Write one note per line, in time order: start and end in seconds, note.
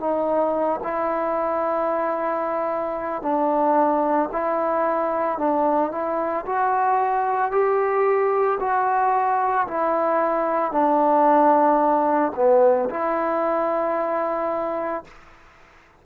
0.00 0.80 D#4
0.83 3.22 E4
3.22 4.29 D4
4.32 5.38 E4
5.38 5.91 D4
5.91 6.45 E4
6.46 7.51 F#4
7.51 8.59 G4
8.60 9.67 F#4
9.67 10.71 E4
10.71 12.32 D4
12.36 12.89 B3
12.90 15.04 E4